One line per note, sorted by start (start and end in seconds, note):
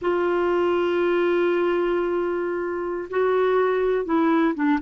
0.01 3.08 F4
3.09 4.05 F#4
4.05 4.54 E4
4.54 4.79 D4